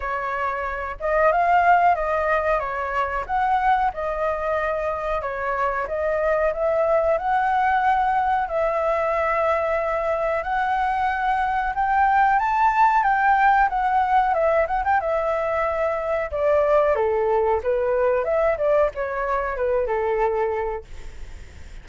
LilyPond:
\new Staff \with { instrumentName = "flute" } { \time 4/4 \tempo 4 = 92 cis''4. dis''8 f''4 dis''4 | cis''4 fis''4 dis''2 | cis''4 dis''4 e''4 fis''4~ | fis''4 e''2. |
fis''2 g''4 a''4 | g''4 fis''4 e''8 fis''16 g''16 e''4~ | e''4 d''4 a'4 b'4 | e''8 d''8 cis''4 b'8 a'4. | }